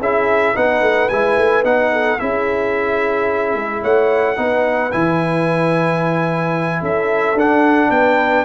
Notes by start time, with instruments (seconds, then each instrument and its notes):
0.00 tuba C#4, trombone E4, horn G#4, trumpet E5
0.55 tuba B3, trombone D#4, horn B4, trumpet F#5
0.82 tuba A3
1.09 tuba G#3, trombone E4, trumpet G#5
1.38 tuba A3
1.64 tuba B3, trombone D#4, trumpet F#5
1.92 horn A4
2.20 tuba C#4, trombone E4, horn G#4, trumpet E5
3.55 tuba G#3
3.82 tuba A3, horn C#5, trumpet F#5
4.37 tuba B3, trombone D#4, horn B4
4.92 tuba E3, trombone E4, trumpet G#5
6.81 tuba C#4, horn A4, trumpet E5
7.35 tuba D4, trombone D4, trumpet F#5
7.90 tuba B3, horn B4, trumpet G5